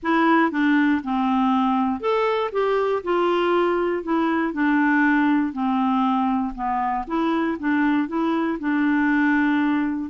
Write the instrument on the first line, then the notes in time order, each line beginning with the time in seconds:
clarinet
0.02 E4
0.51 D4
1.03 C4
2.00 A4
2.52 G4
3.03 F4
4.03 E4
4.53 D4
5.53 C4
6.54 B3
7.07 E4
7.59 D4
8.08 E4
8.59 D4